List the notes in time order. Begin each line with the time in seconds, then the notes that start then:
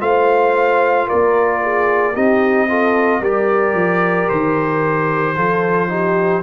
0.00 A3 F4 C5 F5
1.08 A#3 A#4 D5
1.63 G#4
2.14 C4 D#4 G4 D#5
2.69 F4 A4
3.21 G3 G4 A#4 D5
3.74 F3
4.29 D#3 C5
5.36 F3 F4 A4
5.89 D#4 G4